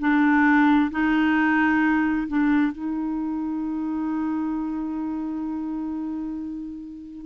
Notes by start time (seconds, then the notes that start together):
0.00 D4
0.91 D#4
2.28 D4
2.72 D#4